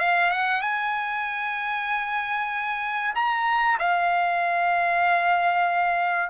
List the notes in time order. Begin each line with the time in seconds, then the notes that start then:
0.00 F5
0.31 F#5
0.62 G#5
3.15 A#5
3.80 F5